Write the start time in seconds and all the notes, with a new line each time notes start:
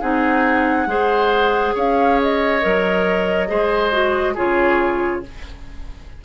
0.00 C4 D#4 G#4 F#5
0.86 G#3 G#4 C5
1.74 C#4 C#5 F5
2.21 D#5
2.61 F#3 A#4
3.47 G#3 G#4 C5
3.91 F#4
4.34 C#3 F4 G#4 C#5